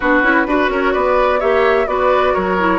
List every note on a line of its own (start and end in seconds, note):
0.00 0.22 B3
0.00 0.23 D4
0.00 0.46 F#4
0.00 0.70 B4
0.22 0.45 C#4
0.22 0.46 E4
0.45 0.69 D4
0.45 1.40 F#4
0.45 0.71 B4
0.69 0.92 C#4
0.69 0.93 A#4
0.69 0.93 C#5
0.93 1.42 B3
0.93 1.39 B4
0.93 1.40 D5
1.39 1.87 A#3
1.39 1.86 G4
1.39 1.86 C#5
1.39 1.87 E5
1.86 2.33 B3
1.86 2.57 F#4
1.86 2.33 B4
1.86 2.34 D5
2.33 2.79 F#3
2.33 2.79 A#4
2.33 2.79 C#5
2.58 2.79 E4